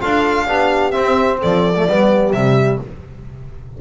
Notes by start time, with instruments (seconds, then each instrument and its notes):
0.00 double bass D4, trombone F4, horn A4, violin F5
0.47 double bass B3, trombone D4, horn G4
0.91 trombone C4, double bass C4, violin E5
1.39 double bass F3, horn A4, violin D5
1.76 trombone A3
1.88 double bass G3, trombone B3, horn G4
2.32 double bass C3, trombone G3, violin E5